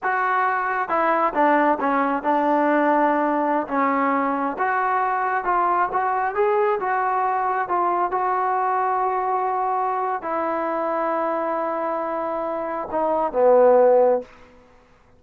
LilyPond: \new Staff \with { instrumentName = "trombone" } { \time 4/4 \tempo 4 = 135 fis'2 e'4 d'4 | cis'4 d'2.~ | d'16 cis'2 fis'4.~ fis'16~ | fis'16 f'4 fis'4 gis'4 fis'8.~ |
fis'4~ fis'16 f'4 fis'4.~ fis'16~ | fis'2. e'4~ | e'1~ | e'4 dis'4 b2 | }